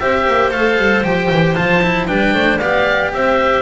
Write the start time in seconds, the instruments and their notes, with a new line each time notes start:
0.00 double bass C4, cello G4, clarinet C5, oboe E5
0.28 double bass A#3
0.51 double bass A3, cello A4, oboe F5
0.78 double bass G3
1.04 double bass F3, cello G4, oboe G5
1.31 double bass E3
1.55 double bass F3, cello F4, oboe A5
1.83 cello E4
2.08 double bass G3, cello D4, clarinet B4, oboe G5
2.34 double bass A3, clarinet C5
2.59 double bass B3, cello G4, clarinet D5, oboe F5
3.13 double bass C4, clarinet C5, oboe E5